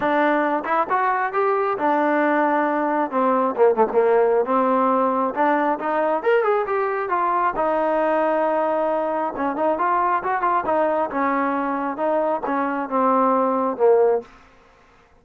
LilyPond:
\new Staff \with { instrumentName = "trombone" } { \time 4/4 \tempo 4 = 135 d'4. e'8 fis'4 g'4 | d'2. c'4 | ais8 a16 ais4~ ais16 c'2 | d'4 dis'4 ais'8 gis'8 g'4 |
f'4 dis'2.~ | dis'4 cis'8 dis'8 f'4 fis'8 f'8 | dis'4 cis'2 dis'4 | cis'4 c'2 ais4 | }